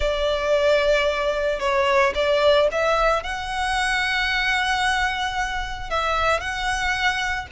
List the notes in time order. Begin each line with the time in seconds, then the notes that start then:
0.00 D5
1.59 C#5
2.14 D5
2.71 E5
3.23 F#5
5.90 E5
6.40 F#5